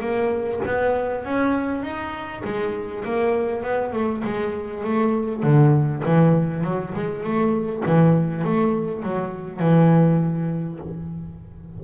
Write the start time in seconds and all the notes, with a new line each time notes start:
0.00 A#3
0.65 B3
1.24 C#4
1.82 D#4
2.44 G#3
3.04 A#3
3.63 B3
3.92 A3
4.24 G#3
4.84 A3
5.42 D3
6.05 E3
6.64 F#3
6.94 G#3
7.23 A3
7.85 E3
8.44 A3
9.03 F#3
9.59 E3